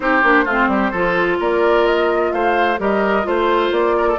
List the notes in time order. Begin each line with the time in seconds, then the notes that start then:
0.00 C4 D#4 G4 C5
0.23 A#3 D4
0.44 A3 C4 F4
0.67 G3 G4
0.91 F3 F4 A4
1.39 A#3 A#4 D5
1.86 D#5
2.32 A3 C5 F5
2.78 G3 G4 A#4 D#5
3.23 A3 F4 C5
3.71 A#3 D5
3.97 A#4
4.08 A4